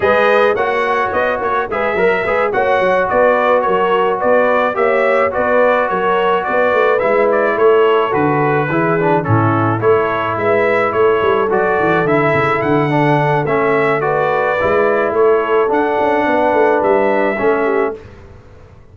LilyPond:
<<
  \new Staff \with { instrumentName = "trumpet" } { \time 4/4 \tempo 4 = 107 dis''4 fis''4 dis''8 cis''8 e''4~ | e''8 fis''4 d''4 cis''4 d''8~ | d''8 e''4 d''4 cis''4 d''8~ | d''8 e''8 d''8 cis''4 b'4.~ |
b'8 a'4 cis''4 e''4 cis''8~ | cis''8 d''4 e''4 fis''4. | e''4 d''2 cis''4 | fis''2 e''2 | }
  \new Staff \with { instrumentName = "horn" } { \time 4/4 b'4 cis''2 b'8 ais'8 | b'8 cis''4 b'4 ais'4 b'8~ | b'8 cis''4 b'4 ais'4 b'8~ | b'4. a'2 gis'8~ |
gis'8 e'4 a'4 b'4 a'8~ | a'1~ | a'4 b'2 a'4~ | a'4 b'2 a'8 g'8 | }
  \new Staff \with { instrumentName = "trombone" } { \time 4/4 gis'4 fis'2 gis'8 ais'8 | gis'8 fis'2.~ fis'8~ | fis'8 g'4 fis'2~ fis'8~ | fis'8 e'2 fis'4 e'8 |
d'8 cis'4 e'2~ e'8~ | e'8 fis'4 e'4. d'4 | cis'4 fis'4 e'2 | d'2. cis'4 | }
  \new Staff \with { instrumentName = "tuba" } { \time 4/4 gis4 ais4 b8 ais8 gis8 fis8 | gis8 ais8 fis8 b4 fis4 b8~ | b8 ais4 b4 fis4 b8 | a8 gis4 a4 d4 e8~ |
e8 a,4 a4 gis4 a8 | g8 fis8 e8 d8 cis8 d4. | a2 gis4 a4 | d'8 cis'8 b8 a8 g4 a4 | }
>>